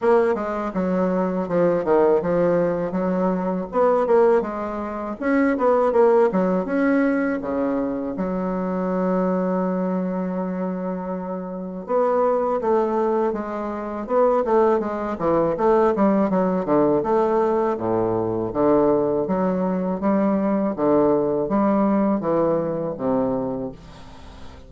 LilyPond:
\new Staff \with { instrumentName = "bassoon" } { \time 4/4 \tempo 4 = 81 ais8 gis8 fis4 f8 dis8 f4 | fis4 b8 ais8 gis4 cis'8 b8 | ais8 fis8 cis'4 cis4 fis4~ | fis1 |
b4 a4 gis4 b8 a8 | gis8 e8 a8 g8 fis8 d8 a4 | a,4 d4 fis4 g4 | d4 g4 e4 c4 | }